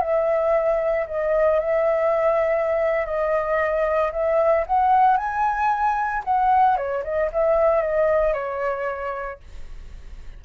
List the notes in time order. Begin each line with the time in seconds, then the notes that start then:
0.00 E5
1.07 D#5
1.60 E5
3.06 D#5
4.12 E5
4.67 F#5
5.17 G#5
6.24 F#5
6.77 C#5
7.04 D#5
7.32 E5
7.82 D#5
8.33 C#5